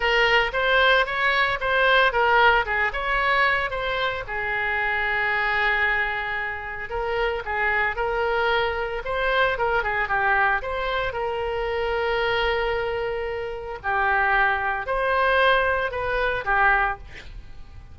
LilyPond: \new Staff \with { instrumentName = "oboe" } { \time 4/4 \tempo 4 = 113 ais'4 c''4 cis''4 c''4 | ais'4 gis'8 cis''4. c''4 | gis'1~ | gis'4 ais'4 gis'4 ais'4~ |
ais'4 c''4 ais'8 gis'8 g'4 | c''4 ais'2.~ | ais'2 g'2 | c''2 b'4 g'4 | }